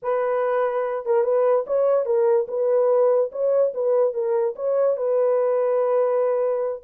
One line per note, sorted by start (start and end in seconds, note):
0.02 1.05 B4
1.05 1.23 A#4
1.23 1.65 B4
1.66 2.05 C#5
2.05 2.47 A#4
2.48 3.30 B4
3.31 3.73 C#5
3.74 4.13 B4
4.13 4.55 A#4
4.55 4.96 C#5
4.96 6.83 B4